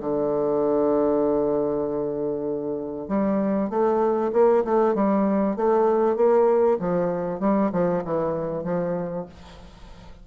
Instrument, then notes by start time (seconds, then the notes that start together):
bassoon
0.00 D3
3.08 G3
3.70 A3
4.33 A#3
4.64 A3
4.95 G3
5.56 A3
6.16 A#3
6.79 F3
7.40 G3
7.72 F3
8.04 E3
8.64 F3